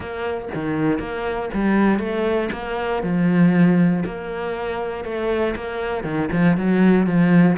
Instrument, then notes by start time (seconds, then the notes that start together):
cello
0.00 A#3
0.54 D#3
0.99 A#3
1.53 G3
1.99 A3
2.52 A#3
3.03 F3
4.05 A#3
5.04 A3
5.55 A#3
6.03 D#3
6.31 F3
6.57 F#3
7.06 F3